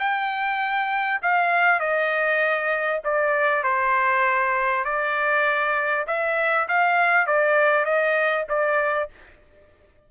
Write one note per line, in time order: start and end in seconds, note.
0.00 1.21 G5
1.22 1.80 F5
1.80 3.01 D#5
3.05 3.64 D5
3.64 4.85 C5
4.85 6.06 D5
6.07 6.68 E5
6.69 7.27 F5
7.27 7.85 D5
7.85 8.46 D#5
8.49 9.10 D5